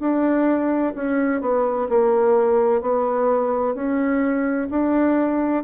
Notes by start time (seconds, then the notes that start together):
0.00 D4
0.95 C#4
1.41 B3
1.89 A#3
2.81 B3
3.75 C#4
4.70 D4